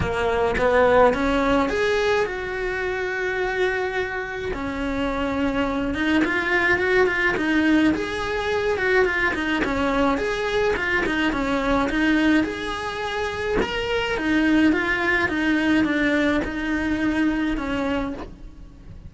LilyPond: \new Staff \with { instrumentName = "cello" } { \time 4/4 \tempo 4 = 106 ais4 b4 cis'4 gis'4 | fis'1 | cis'2~ cis'8 dis'8 f'4 | fis'8 f'8 dis'4 gis'4. fis'8 |
f'8 dis'8 cis'4 gis'4 f'8 dis'8 | cis'4 dis'4 gis'2 | ais'4 dis'4 f'4 dis'4 | d'4 dis'2 cis'4 | }